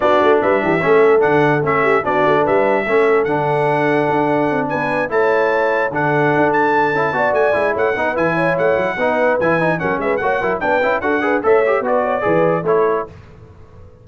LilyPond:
<<
  \new Staff \with { instrumentName = "trumpet" } { \time 4/4 \tempo 4 = 147 d''4 e''2 fis''4 | e''4 d''4 e''2 | fis''2.~ fis''8 gis''8~ | gis''8 a''2 fis''4. |
a''2 gis''4 fis''4 | gis''4 fis''2 gis''4 | fis''8 e''8 fis''4 g''4 fis''4 | e''4 d''2 cis''4 | }
  \new Staff \with { instrumentName = "horn" } { \time 4/4 fis'4 b'8 g'8 a'2~ | a'8 g'8 fis'4 b'4 a'4~ | a'2.~ a'8 b'8~ | b'8 cis''2 a'4.~ |
a'4. d''4. cis''8 b'8~ | b'8 cis''4. b'2 | ais'8 b'8 cis''8 ais'8 b'4 a'8 b'8 | cis''4 b'8 cis''8 b'4 a'4 | }
  \new Staff \with { instrumentName = "trombone" } { \time 4/4 d'2 cis'4 d'4 | cis'4 d'2 cis'4 | d'1~ | d'8 e'2 d'4.~ |
d'4 e'8 fis'4 e'4 dis'8 | e'2 dis'4 e'8 dis'8 | cis'4 fis'8 e'8 d'8 e'8 fis'8 gis'8 | a'8 g'8 fis'4 gis'4 e'4 | }
  \new Staff \with { instrumentName = "tuba" } { \time 4/4 b8 a8 g8 e8 a4 d4 | a4 b8 a8 g4 a4 | d2 d'4 c'8 b8~ | b8 a2 d4 d'8~ |
d'4 cis'8 b8 a8 gis8 a8 b8 | e4 a8 fis8 b4 e4 | fis8 gis8 ais8 fis8 b8 cis'8 d'4 | a4 b4 e4 a4 | }
>>